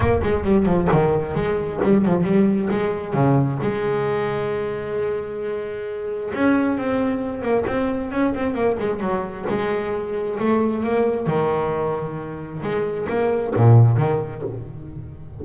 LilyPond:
\new Staff \with { instrumentName = "double bass" } { \time 4/4 \tempo 4 = 133 ais8 gis8 g8 f8 dis4 gis4 | g8 f8 g4 gis4 cis4 | gis1~ | gis2 cis'4 c'4~ |
c'8 ais8 c'4 cis'8 c'8 ais8 gis8 | fis4 gis2 a4 | ais4 dis2. | gis4 ais4 ais,4 dis4 | }